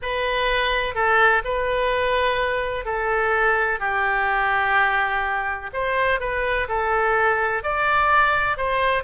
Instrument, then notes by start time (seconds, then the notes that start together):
oboe
0.02 B4
0.94 A4
1.44 B4
2.85 A4
3.79 G4
5.73 C5
6.19 B4
6.68 A4
7.63 D5
8.57 C5